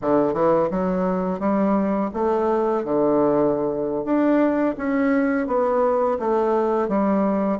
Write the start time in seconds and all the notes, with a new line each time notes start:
0.01 D3
0.33 E3
0.70 F#3
1.39 G3
2.13 A3
2.84 D3
4.04 D4
4.77 C#4
5.47 B3
6.19 A3
6.88 G3